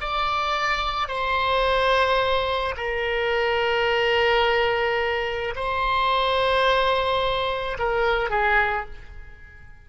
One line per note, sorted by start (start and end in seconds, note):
0.00 1.08 D5
1.08 2.75 C5
2.77 5.55 A#4
5.56 7.78 C5
7.79 8.30 A#4
8.30 8.85 G#4